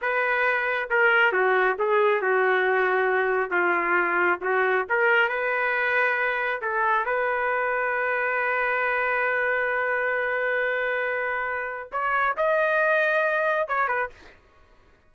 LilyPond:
\new Staff \with { instrumentName = "trumpet" } { \time 4/4 \tempo 4 = 136 b'2 ais'4 fis'4 | gis'4 fis'2. | f'2 fis'4 ais'4 | b'2. a'4 |
b'1~ | b'1~ | b'2. cis''4 | dis''2. cis''8 b'8 | }